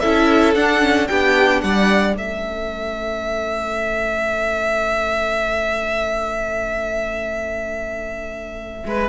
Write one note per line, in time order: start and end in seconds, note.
0.00 0.56 C#4
0.00 0.56 E4
0.00 1.08 A4
0.00 0.54 E5
0.55 1.09 D4
0.55 0.82 D4
0.55 1.08 F#5
0.82 1.08 C#4
1.08 1.63 B3
1.08 2.18 D4
1.08 1.63 G4
1.08 1.61 G5
1.61 2.15 G3
1.61 2.17 D5
1.61 2.15 F#5
2.15 8.84 A3
2.15 9.09 C#4
2.15 8.86 A4
2.15 9.09 E5
8.86 9.09 G#3
8.86 9.09 B4